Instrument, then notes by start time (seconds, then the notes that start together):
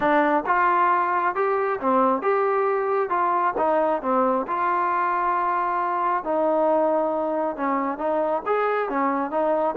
trombone
0.00 D4
0.46 F4
1.35 G4
1.80 C4
2.22 G4
3.09 F4
3.57 D#4
4.02 C4
4.47 F4
6.24 D#4
7.56 C#4
7.98 D#4
8.46 G#4
8.89 C#4
9.31 D#4